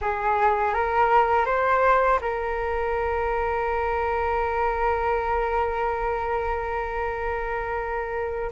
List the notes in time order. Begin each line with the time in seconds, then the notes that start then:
0.01 G#4
0.74 A#4
1.45 C5
2.21 A#4